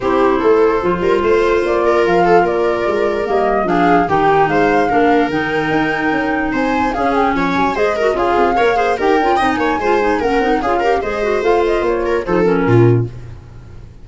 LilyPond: <<
  \new Staff \with { instrumentName = "flute" } { \time 4/4 \tempo 4 = 147 c''1 | d''4 f''4 d''2 | dis''4 f''4 g''4 f''4~ | f''4 g''2. |
gis''4 f''8 g''8 gis''4 dis''4 | f''2 g''4~ g''16 gis''8.~ | gis''4 fis''4 f''4 dis''4 | f''8 dis''8 cis''4 c''8 ais'4. | }
  \new Staff \with { instrumentName = "viola" } { \time 4/4 g'4 a'4. ais'8 c''4~ | c''8 ais'4 a'8 ais'2~ | ais'4 gis'4 g'4 c''4 | ais'1 |
c''4 gis'4 cis''4 c''8 ais'8 | gis'4 cis''8 c''8 ais'4 dis''8 cis''8 | c''4 ais'4 gis'8 ais'8 c''4~ | c''4. ais'8 a'4 f'4 | }
  \new Staff \with { instrumentName = "clarinet" } { \time 4/4 e'2 f'2~ | f'1 | ais4 d'4 dis'2 | d'4 dis'2.~ |
dis'4 cis'2 gis'8 fis'8 | f'4 ais'8 gis'8 g'8 f'8 dis'4 | f'8 dis'8 cis'8 dis'8 f'8 g'8 gis'8 fis'8 | f'2 dis'8 cis'4. | }
  \new Staff \with { instrumentName = "tuba" } { \time 4/4 c'4 a4 f8 g8 a4 | ais4 f4 ais4 gis4 | g4 f4 dis4 gis4 | ais4 dis4 dis'4 cis'4 |
c'4 cis'4 f8 fis8 gis4 | cis'8 c'8 ais4 dis'8 cis'8 c'8 ais8 | gis4 ais8 c'8 cis'4 gis4 | a4 ais4 f4 ais,4 | }
>>